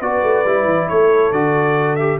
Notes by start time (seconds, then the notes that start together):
0.00 B3 F#4 B4 D5
0.22 A3
0.44 G3 E4
0.64 E3
0.88 A3 A4 C#5
1.31 D3 F#4 D5
1.96 G4 E5